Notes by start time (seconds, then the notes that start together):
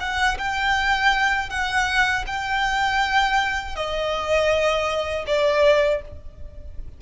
0.00 F#5
0.38 G5
1.50 F#5
2.27 G5
3.75 D#5
5.27 D5